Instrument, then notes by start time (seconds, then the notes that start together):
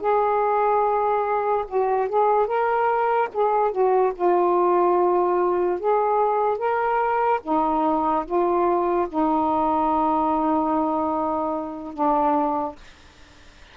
saxophone
0.00 G#4
1.68 F#4
2.08 G#4
2.47 A#4
3.33 G#4
3.71 F#4
4.15 F4
5.79 G#4
6.58 A#4
7.43 D#4
8.25 F4
9.08 D#4
11.93 D4